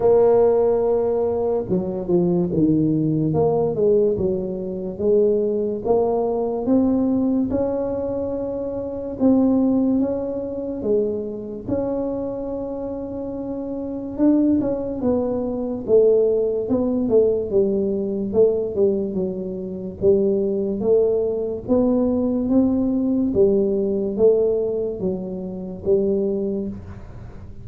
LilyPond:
\new Staff \with { instrumentName = "tuba" } { \time 4/4 \tempo 4 = 72 ais2 fis8 f8 dis4 | ais8 gis8 fis4 gis4 ais4 | c'4 cis'2 c'4 | cis'4 gis4 cis'2~ |
cis'4 d'8 cis'8 b4 a4 | b8 a8 g4 a8 g8 fis4 | g4 a4 b4 c'4 | g4 a4 fis4 g4 | }